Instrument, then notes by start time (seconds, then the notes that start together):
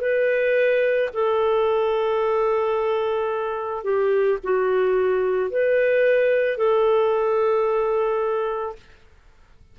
clarinet
0.00 B4
1.14 A4
3.84 G4
4.43 F#4
5.50 B4
6.57 A4